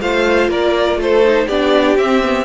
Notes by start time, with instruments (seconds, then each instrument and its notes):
0.00 cello A3, viola F4, violin C5 F5
0.48 cello A#3, violin A#4 D5
0.96 cello A3, violin A4 C5
1.23 viola D#4
1.47 cello B3, viola D4, violin G4 D5
1.97 cello C4, viola C4, violin E5
2.23 viola B3